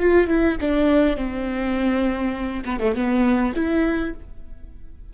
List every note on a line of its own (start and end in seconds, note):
0.00 0.28 F4
0.28 0.57 E4
0.60 1.17 D4
1.17 2.64 C4
2.65 2.80 B3
2.80 2.95 A3
2.95 3.53 B3
3.55 4.14 E4